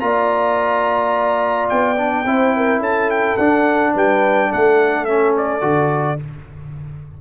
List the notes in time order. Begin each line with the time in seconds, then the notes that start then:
0.00 A#3 F4 D5 A#5
1.70 B3 G5
1.97 D4
2.26 C4 E4 C5
2.56 A#4
2.80 C#4 A4 A5
3.11 G5
3.37 D4 F#5
3.94 G3 B4 G5
4.52 A3 A4 F#5
5.05 C#4 E5
5.37 D5
5.61 D3 F#4